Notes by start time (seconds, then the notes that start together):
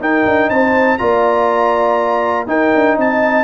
0.00 D#4 A#4 G5
0.25 D4
0.50 C4 C5 A5
0.98 A#3 F4 D5 A#5
2.47 D#4 A#4 G5
2.75 D4
2.97 C4 D#5 A5